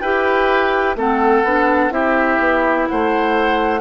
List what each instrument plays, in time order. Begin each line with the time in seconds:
0.00 bassoon E4, clarinet G4, oboe B4, flute G5
0.96 bassoon A3, clarinet C4, oboe A4, flute F#5
1.43 bassoon B3, clarinet D4
1.90 bassoon C4, clarinet E4, oboe G4, flute E5
2.38 bassoon B3
2.88 bassoon A3, oboe C5, flute F#5